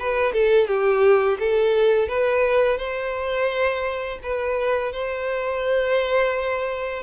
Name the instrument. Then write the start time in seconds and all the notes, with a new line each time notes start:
violin
0.00 B4
0.33 A4
0.68 G4
1.40 A4
2.09 B4
2.78 C5
4.24 B4
4.93 C5